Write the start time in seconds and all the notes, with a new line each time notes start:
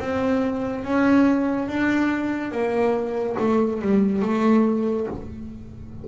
0.00 C4
0.85 C#4
1.68 D4
2.52 A#3
3.40 A3
3.82 G3
4.23 A3